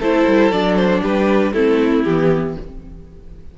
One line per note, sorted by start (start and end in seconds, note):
0.00 0.26 A3
0.00 0.53 E4
0.00 1.02 A4
0.00 0.52 C5
0.27 0.52 G3
0.52 1.02 F#3
0.52 1.54 D4
0.52 0.76 D5
0.76 1.01 C5
1.02 1.53 G3
1.02 1.53 G4
1.02 1.53 B4
1.53 2.03 A3
1.53 2.05 C4
1.53 2.55 E4
1.53 2.04 A4
2.04 2.57 E3
2.04 2.58 B3
2.04 2.55 G4